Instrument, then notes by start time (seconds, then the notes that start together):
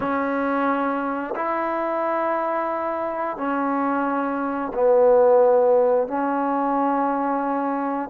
trombone
0.00 C#4
1.35 E4
3.37 C#4
4.73 B3
6.07 C#4